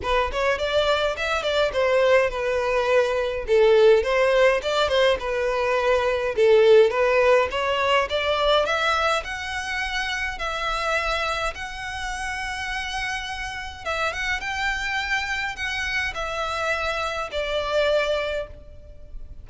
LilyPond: \new Staff \with { instrumentName = "violin" } { \time 4/4 \tempo 4 = 104 b'8 cis''8 d''4 e''8 d''8 c''4 | b'2 a'4 c''4 | d''8 c''8 b'2 a'4 | b'4 cis''4 d''4 e''4 |
fis''2 e''2 | fis''1 | e''8 fis''8 g''2 fis''4 | e''2 d''2 | }